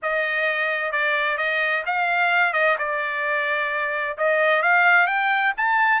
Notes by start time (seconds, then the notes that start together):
0.02 D#5
0.91 D5
1.37 D#5
1.86 F5
2.53 D#5
2.78 D5
4.17 D#5
4.62 F5
5.06 G5
5.57 A5